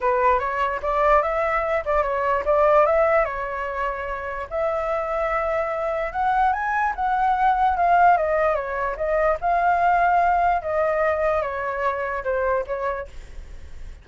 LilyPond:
\new Staff \with { instrumentName = "flute" } { \time 4/4 \tempo 4 = 147 b'4 cis''4 d''4 e''4~ | e''8 d''8 cis''4 d''4 e''4 | cis''2. e''4~ | e''2. fis''4 |
gis''4 fis''2 f''4 | dis''4 cis''4 dis''4 f''4~ | f''2 dis''2 | cis''2 c''4 cis''4 | }